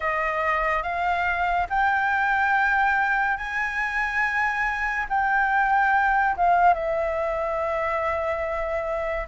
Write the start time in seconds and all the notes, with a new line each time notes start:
0.00 D#5
0.82 F5
1.69 G5
3.36 G#5
5.09 G5
6.36 F5
6.74 E5